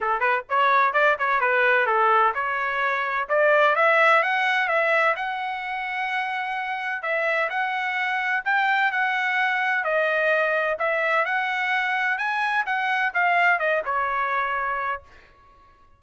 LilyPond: \new Staff \with { instrumentName = "trumpet" } { \time 4/4 \tempo 4 = 128 a'8 b'8 cis''4 d''8 cis''8 b'4 | a'4 cis''2 d''4 | e''4 fis''4 e''4 fis''4~ | fis''2. e''4 |
fis''2 g''4 fis''4~ | fis''4 dis''2 e''4 | fis''2 gis''4 fis''4 | f''4 dis''8 cis''2~ cis''8 | }